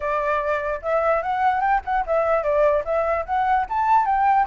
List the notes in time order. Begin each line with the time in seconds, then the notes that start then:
0.00 D5
0.81 E5
1.22 F#5
1.61 G5
1.84 F#5
2.06 E5
2.43 D5
2.84 E5
3.25 F#5
3.69 A5
4.05 G5